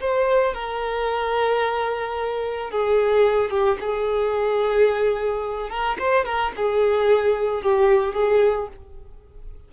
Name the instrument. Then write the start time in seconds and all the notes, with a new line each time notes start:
violin
0.00 C5
0.54 A#4
2.70 G#4
3.50 G4
3.80 G#4
5.69 A#4
5.99 C5
6.25 A#4
6.56 G#4
7.62 G4
8.13 G#4